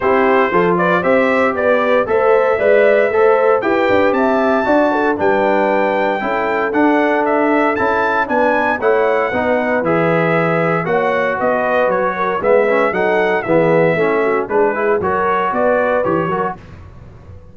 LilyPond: <<
  \new Staff \with { instrumentName = "trumpet" } { \time 4/4 \tempo 4 = 116 c''4. d''8 e''4 d''4 | e''2. g''4 | a''2 g''2~ | g''4 fis''4 e''4 a''4 |
gis''4 fis''2 e''4~ | e''4 fis''4 dis''4 cis''4 | e''4 fis''4 e''2 | b'4 cis''4 d''4 cis''4 | }
  \new Staff \with { instrumentName = "horn" } { \time 4/4 g'4 a'8 b'8 c''4 b'4 | c''4 d''4 c''4 b'4 | e''4 d''8 a'8 b'2 | a'1 |
b'4 cis''4 b'2~ | b'4 cis''4 b'4. ais'8 | b'4 a'4 gis'4 e'8 fis'8 | gis'4 ais'4 b'4. ais'8 | }
  \new Staff \with { instrumentName = "trombone" } { \time 4/4 e'4 f'4 g'2 | a'4 b'4 a'4 g'4~ | g'4 fis'4 d'2 | e'4 d'2 e'4 |
d'4 e'4 dis'4 gis'4~ | gis'4 fis'2. | b8 cis'8 dis'4 b4 cis'4 | d'8 e'8 fis'2 g'8 fis'8 | }
  \new Staff \with { instrumentName = "tuba" } { \time 4/4 c'4 f4 c'4 b4 | a4 gis4 a4 e'8 d'8 | c'4 d'4 g2 | cis'4 d'2 cis'4 |
b4 a4 b4 e4~ | e4 ais4 b4 fis4 | gis4 fis4 e4 a4 | gis4 fis4 b4 e8 fis8 | }
>>